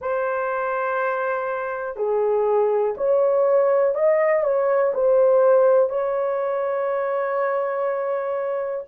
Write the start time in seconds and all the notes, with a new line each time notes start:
0.01 C5
1.96 G#4
2.97 C#5
3.94 D#5
4.43 C#5
4.94 C5
5.89 C#5